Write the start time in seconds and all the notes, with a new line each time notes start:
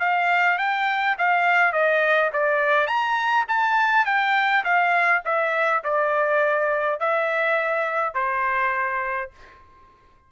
0.00 F5
0.59 G5
1.18 F5
1.73 D#5
2.33 D5
2.87 A#5
3.48 A5
4.06 G5
4.64 F5
5.25 E5
5.84 D5
7.00 E5
8.14 C5